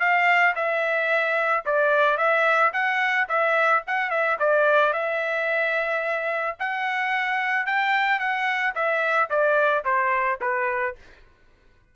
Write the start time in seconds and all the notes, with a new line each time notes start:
0.00 F5
0.55 E5
1.66 D5
2.17 E5
2.73 F#5
3.29 E5
3.87 F#5
4.10 E5
4.40 D5
4.93 E5
6.60 F#5
7.66 G5
8.19 F#5
8.75 E5
9.30 D5
9.85 C5
10.41 B4